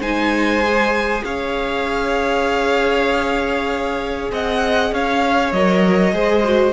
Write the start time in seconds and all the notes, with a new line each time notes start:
0.00 G#3 D#4 C5 G#5
0.63 G#4
1.24 C#4 C#5 F5
4.32 C4 D#5 F#5
4.92 C#4 C#5 F5
5.53 F#3 A#4 D#5
6.13 G#3 G#4 C5
6.44 F#4